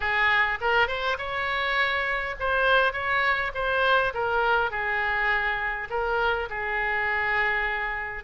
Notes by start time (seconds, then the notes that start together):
0.00 G#4
0.60 A#4
0.87 C5
1.18 C#5
2.39 C5
2.93 C#5
3.54 C5
4.14 A#4
4.70 G#4
5.90 A#4
6.49 G#4